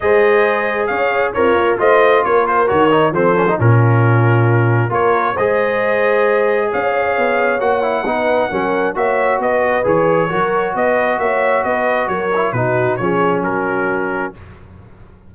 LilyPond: <<
  \new Staff \with { instrumentName = "trumpet" } { \time 4/4 \tempo 4 = 134 dis''2 f''4 cis''4 | dis''4 cis''8 c''8 cis''4 c''4 | ais'2. cis''4 | dis''2. f''4~ |
f''4 fis''2. | e''4 dis''4 cis''2 | dis''4 e''4 dis''4 cis''4 | b'4 cis''4 ais'2 | }
  \new Staff \with { instrumentName = "horn" } { \time 4/4 c''2 cis''4 f'4 | c''4 ais'2 a'4 | f'2. ais'4 | c''2. cis''4~ |
cis''2 b'4 ais'4 | cis''4 b'2 ais'4 | b'4 cis''4 b'4 ais'4 | fis'4 gis'4 fis'2 | }
  \new Staff \with { instrumentName = "trombone" } { \time 4/4 gis'2. ais'4 | f'2 fis'8 dis'8 c'8 cis'16 dis'16 | cis'2. f'4 | gis'1~ |
gis'4 fis'8 e'8 dis'4 cis'4 | fis'2 gis'4 fis'4~ | fis'2.~ fis'8 e'8 | dis'4 cis'2. | }
  \new Staff \with { instrumentName = "tuba" } { \time 4/4 gis2 cis'4 c'8 ais8 | a4 ais4 dis4 f4 | ais,2. ais4 | gis2. cis'4 |
b4 ais4 b4 fis4 | ais4 b4 e4 fis4 | b4 ais4 b4 fis4 | b,4 f4 fis2 | }
>>